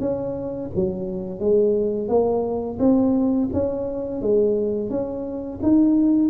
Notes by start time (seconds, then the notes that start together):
0.00 C#4
0.75 F#3
1.40 G#3
2.08 A#3
2.79 C4
3.53 C#4
4.21 G#3
4.90 C#4
5.62 D#4